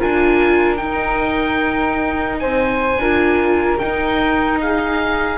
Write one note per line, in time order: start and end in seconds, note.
0.00 0.82 D4
0.00 0.78 F4
0.00 2.40 A#4
0.00 0.77 G#5
0.77 2.98 D#4
0.77 2.42 D#4
0.77 2.37 G5
2.40 2.97 C4
2.40 3.01 C5
2.40 3.79 G#5
2.97 3.77 D4
2.97 3.80 F4
2.97 4.61 A#4
3.79 5.38 D#4
3.79 4.59 G5
4.62 5.38 G#4
4.62 5.38 F5